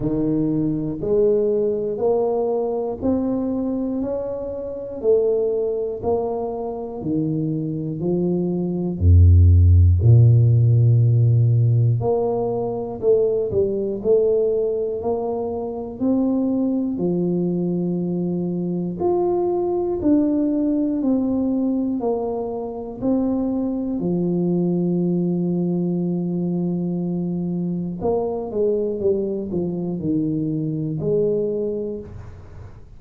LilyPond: \new Staff \with { instrumentName = "tuba" } { \time 4/4 \tempo 4 = 60 dis4 gis4 ais4 c'4 | cis'4 a4 ais4 dis4 | f4 f,4 ais,2 | ais4 a8 g8 a4 ais4 |
c'4 f2 f'4 | d'4 c'4 ais4 c'4 | f1 | ais8 gis8 g8 f8 dis4 gis4 | }